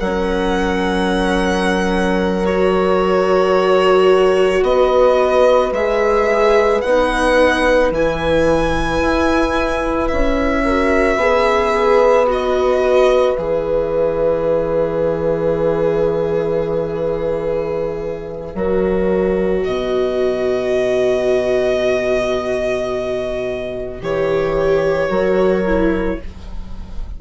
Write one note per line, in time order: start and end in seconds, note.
0.00 4.63 F#3
0.00 2.47 C#4
0.00 4.64 A#4
0.00 2.46 F#5
2.46 5.74 F#4
2.46 4.64 C#5
4.63 5.72 B3
4.63 10.65 B4
4.63 5.73 D#5
5.72 6.82 G#3
5.72 6.85 G#4
5.72 6.82 E5
6.82 7.92 B3
6.82 7.94 D#4
6.82 7.91 F#5
7.92 9.01 E3
7.92 10.67 E4
7.92 10.08 G#5
9.01 10.10 E4
10.08 11.16 C#4
10.08 12.26 E5
10.65 11.20 F#4
10.65 11.19 A#4
11.16 13.35 B3
11.16 12.27 G#4
11.16 18.56 B4
12.27 13.36 F#4
12.27 13.36 D#5
13.36 18.55 E3
13.36 18.56 G#4
13.36 19.63 E5
18.55 19.64 F#3
18.55 24.02 F#4
18.55 19.65 A#4
19.65 24.02 B2
19.65 25.10 B4
19.65 24.01 D#5
24.02 25.10 E3
24.02 25.10 G4
24.02 26.22 C#5
25.10 26.19 F#3
25.10 25.65 F#4
25.10 26.19 A#4
25.66 26.20 E4